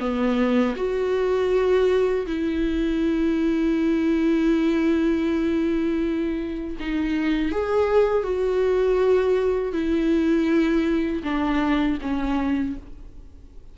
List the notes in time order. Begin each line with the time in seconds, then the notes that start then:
0.00 B3
0.76 F#4
2.27 E4
6.80 D#4
7.52 G#4
8.24 F#4
9.73 E4
11.24 D4
12.02 C#4